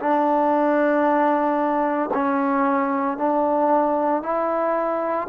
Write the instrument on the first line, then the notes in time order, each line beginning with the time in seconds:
trombone
0.00 D4
2.14 C#4
3.18 D4
4.23 E4